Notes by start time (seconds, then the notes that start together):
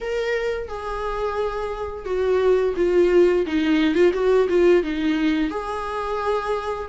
0.00 A#4
0.68 G#4
2.05 F#4
2.76 F4
3.46 D#4
3.94 F4
4.13 F#4
4.48 F4
4.83 D#4
5.50 G#4